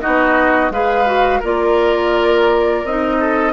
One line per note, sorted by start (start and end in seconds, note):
0.00 0.70 B3
0.00 0.71 D#4
0.00 0.72 F#4
0.00 0.71 D#5
0.70 1.40 G#3
0.70 1.05 G#4
0.70 1.40 B4
0.70 1.42 F5
1.05 1.41 F#4
1.40 2.84 A#3
1.40 2.84 F4
1.40 3.16 A#4
1.40 2.85 D5
2.84 3.52 C4
2.84 3.52 D#4
2.84 3.52 D#5
3.20 3.52 A4